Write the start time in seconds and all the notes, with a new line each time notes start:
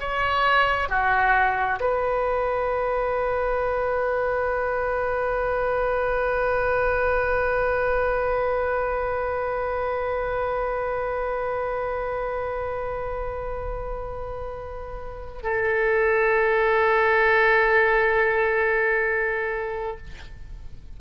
0.00 C#5
0.89 F#4
1.80 B4
15.43 A4